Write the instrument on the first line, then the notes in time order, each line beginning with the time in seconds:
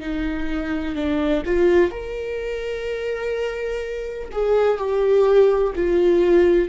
viola
0.00 D#4
0.96 D4
1.45 F4
1.91 A#4
4.32 G#4
4.78 G4
5.76 F4